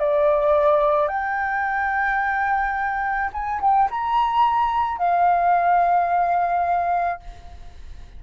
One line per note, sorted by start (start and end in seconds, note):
0.00 1.08 D5
1.08 3.30 G5
3.33 3.61 G#5
3.62 3.89 G5
3.91 4.98 A#5
4.98 7.20 F5